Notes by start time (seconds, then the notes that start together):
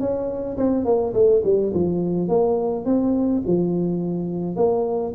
0.00 C#4
0.57 C4
0.85 A#3
1.14 A3
1.44 G3
1.74 F3
2.29 A#3
2.85 C4
3.47 F3
4.56 A#3